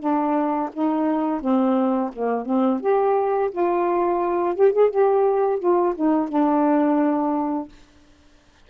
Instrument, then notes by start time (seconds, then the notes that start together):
saxophone
0.00 D4
0.73 D#4
1.41 C4
2.13 A#3
2.45 C4
2.80 G4
3.51 F4
4.55 G4
4.73 G#4
4.90 G4
5.59 F4
5.95 D#4
6.29 D4